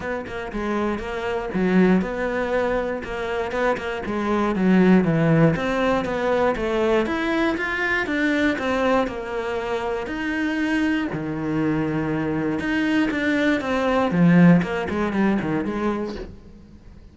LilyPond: \new Staff \with { instrumentName = "cello" } { \time 4/4 \tempo 4 = 119 b8 ais8 gis4 ais4 fis4 | b2 ais4 b8 ais8 | gis4 fis4 e4 c'4 | b4 a4 e'4 f'4 |
d'4 c'4 ais2 | dis'2 dis2~ | dis4 dis'4 d'4 c'4 | f4 ais8 gis8 g8 dis8 gis4 | }